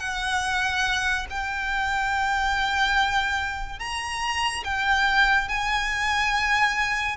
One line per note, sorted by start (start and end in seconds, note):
0.00 1.27 F#5
1.30 3.80 G5
3.80 4.64 A#5
4.64 5.49 G5
5.49 7.17 G#5